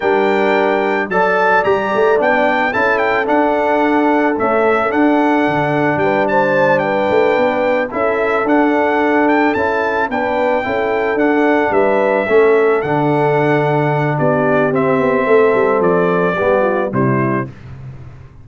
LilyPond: <<
  \new Staff \with { instrumentName = "trumpet" } { \time 4/4 \tempo 4 = 110 g''2 a''4 ais''4 | g''4 a''8 g''8 fis''2 | e''4 fis''2 g''8 a''8~ | a''8 g''2 e''4 fis''8~ |
fis''4 g''8 a''4 g''4.~ | g''8 fis''4 e''2 fis''8~ | fis''2 d''4 e''4~ | e''4 d''2 c''4 | }
  \new Staff \with { instrumentName = "horn" } { \time 4/4 ais'2 d''2~ | d''4 a'2.~ | a'2. b'8 c''8~ | c''8 b'2 a'4.~ |
a'2~ a'8 b'4 a'8~ | a'4. b'4 a'4.~ | a'2 g'2 | a'2 g'8 f'8 e'4 | }
  \new Staff \with { instrumentName = "trombone" } { \time 4/4 d'2 a'4 g'4 | d'4 e'4 d'2 | a4 d'2.~ | d'2~ d'8 e'4 d'8~ |
d'4. e'4 d'4 e'8~ | e'8 d'2 cis'4 d'8~ | d'2. c'4~ | c'2 b4 g4 | }
  \new Staff \with { instrumentName = "tuba" } { \time 4/4 g2 fis4 g8 a8 | b4 cis'4 d'2 | cis'4 d'4 d4 g4~ | g4 a8 b4 cis'4 d'8~ |
d'4. cis'4 b4 cis'8~ | cis'8 d'4 g4 a4 d8~ | d2 b4 c'8 b8 | a8 g8 f4 g4 c4 | }
>>